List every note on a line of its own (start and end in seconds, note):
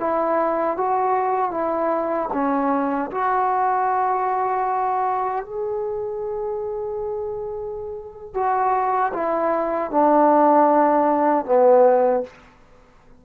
0.00 0.78 E4
0.78 1.51 F#4
1.51 2.29 E4
2.33 3.11 C#4
3.11 5.45 F#4
5.45 8.34 G#4
8.34 9.12 F#4
9.13 9.91 E4
9.91 11.45 D4
11.45 12.23 B3